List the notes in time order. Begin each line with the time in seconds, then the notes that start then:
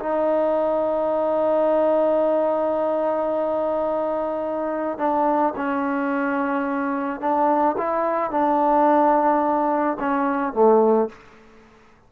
0.00 D#4
4.98 D4
5.57 C#4
7.21 D4
7.78 E4
8.31 D4
10.00 C#4
10.54 A3